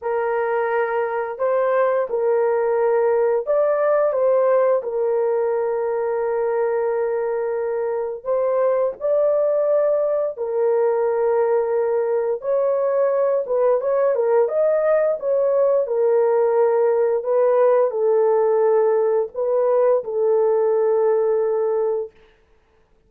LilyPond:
\new Staff \with { instrumentName = "horn" } { \time 4/4 \tempo 4 = 87 ais'2 c''4 ais'4~ | ais'4 d''4 c''4 ais'4~ | ais'1 | c''4 d''2 ais'4~ |
ais'2 cis''4. b'8 | cis''8 ais'8 dis''4 cis''4 ais'4~ | ais'4 b'4 a'2 | b'4 a'2. | }